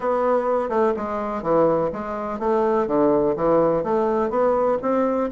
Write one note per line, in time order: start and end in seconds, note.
0.00 0.69 B3
0.69 0.93 A3
0.96 1.42 G#3
1.42 1.90 E3
1.92 2.39 G#3
2.39 2.87 A3
2.87 3.35 D3
3.36 3.83 E3
3.83 4.29 A3
4.29 4.77 B3
4.82 5.30 C4